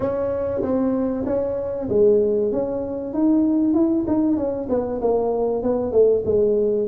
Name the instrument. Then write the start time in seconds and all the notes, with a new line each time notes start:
tuba
0.00 C#4
0.62 C4
1.26 C#4
1.89 G#3
2.52 C#4
3.13 D#4
3.74 E4
4.07 D#4
4.36 C#4
4.69 B3
5.01 A#3
5.62 B3
5.92 A3
6.25 G#3